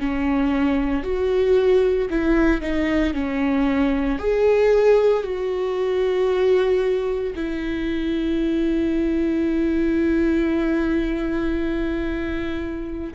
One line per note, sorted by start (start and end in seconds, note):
0.00 1.04 C#4
1.04 2.09 F#4
2.11 2.62 E4
2.62 3.14 D#4
3.14 4.19 C#4
4.19 5.23 G#4
5.23 7.34 F#4
7.35 13.14 E4